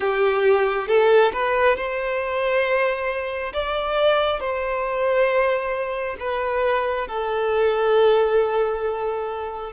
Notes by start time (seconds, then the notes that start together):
0.00 G4
0.87 A4
1.32 B4
1.76 C5
3.53 D5
4.40 C5
6.19 B4
7.07 A4